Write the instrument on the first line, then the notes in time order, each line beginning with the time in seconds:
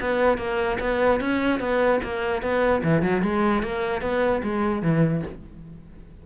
cello
0.00 B3
0.38 A#3
0.80 B3
1.20 C#4
1.60 B3
2.03 A#3
2.42 B3
2.83 E3
3.02 F#3
3.22 G#3
3.63 A#3
4.01 B3
4.43 G#3
4.82 E3